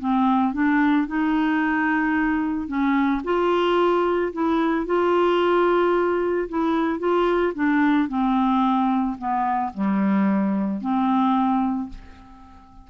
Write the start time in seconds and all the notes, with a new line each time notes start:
0.00 C4
0.54 D4
1.08 D#4
2.68 C#4
3.25 F4
4.33 E4
4.86 F4
6.49 E4
7.00 F4
7.55 D4
8.09 C4
9.18 B3
9.74 G3
10.81 C4